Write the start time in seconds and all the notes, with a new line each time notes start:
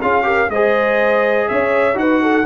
0.00 C#4 F4 G#4 F5
0.23 G4 A#4
0.49 G#3 G#4 C5 D#5
1.49 C#4 C#5 E5
1.95 D#4 F#4 B4 F#5
2.22 A4